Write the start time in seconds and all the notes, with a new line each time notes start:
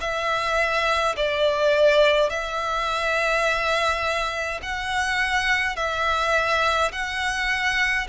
0.00 E5
1.16 D5
2.30 E5
4.62 F#5
5.76 E5
6.92 F#5